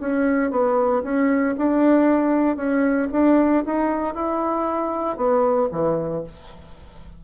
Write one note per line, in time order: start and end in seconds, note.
0.00 0.51 C#4
0.51 1.03 B3
1.04 1.55 C#4
1.58 2.57 D4
2.57 3.08 C#4
3.12 3.64 D4
3.66 4.15 D#4
4.15 5.17 E4
5.17 5.69 B3
5.72 6.24 E3